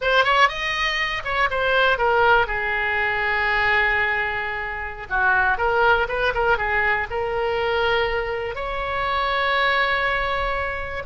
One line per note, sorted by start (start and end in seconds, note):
0.01 0.24 C5
0.24 0.48 C#5
0.48 1.22 D#5
1.24 1.49 C#5
1.50 1.98 C5
1.98 2.47 A#4
2.47 5.07 G#4
5.09 5.57 F#4
5.57 6.07 A#4
6.08 6.33 B4
6.34 6.57 A#4
6.57 7.07 G#4
7.10 8.55 A#4
8.55 11.03 C#5